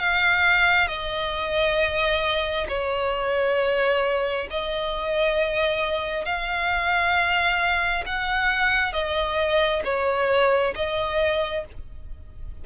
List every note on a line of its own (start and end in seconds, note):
0.00 0.88 F5
0.88 2.67 D#5
2.69 4.48 C#5
4.51 6.26 D#5
6.26 8.05 F5
8.06 8.93 F#5
8.93 9.83 D#5
9.85 10.75 C#5
10.76 11.65 D#5